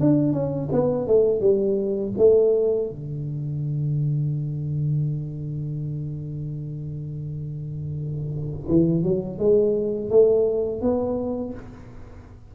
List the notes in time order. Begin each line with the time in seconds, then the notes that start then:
0.00 D4
0.33 C#4
0.72 B3
1.07 A3
1.41 G3
2.18 A3
2.90 D3
8.68 E3
9.03 F#3
9.38 G#3
10.10 A3
10.81 B3